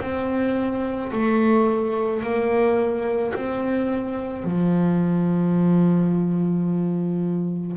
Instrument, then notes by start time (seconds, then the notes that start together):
double bass
0.00 C4
1.12 A3
2.22 A#3
3.34 C4
4.43 F3